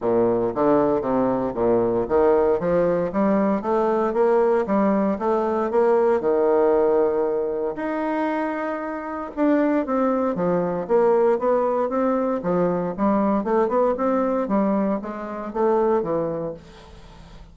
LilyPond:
\new Staff \with { instrumentName = "bassoon" } { \time 4/4 \tempo 4 = 116 ais,4 d4 c4 ais,4 | dis4 f4 g4 a4 | ais4 g4 a4 ais4 | dis2. dis'4~ |
dis'2 d'4 c'4 | f4 ais4 b4 c'4 | f4 g4 a8 b8 c'4 | g4 gis4 a4 e4 | }